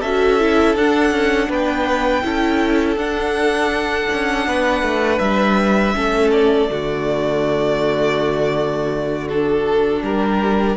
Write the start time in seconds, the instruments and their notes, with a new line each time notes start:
0.00 cello C#4, viola F#4, violin A4 E5
0.40 viola E4
0.75 cello D4, viola D4, violin F#5
1.11 cello C#4
1.49 cello B3, violin B4 G5
2.23 cello C#4, viola E4, violin A4
2.96 cello D4, viola D4, violin F#5
4.13 cello C#4
4.47 cello B3, violin B4
4.82 cello A3
5.19 cello G3, violin E5
5.94 cello A3, viola C#4, violin A4
6.32 violin D5
6.69 cello D3, viola A3, violin F#4
9.28 viola D4, violin A4
10.02 cello G3, violin G4 A#4